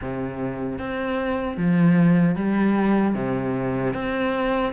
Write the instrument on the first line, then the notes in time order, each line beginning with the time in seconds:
cello
0.01 C3
0.79 C4
1.57 F3
2.35 G3
3.14 C3
3.93 C4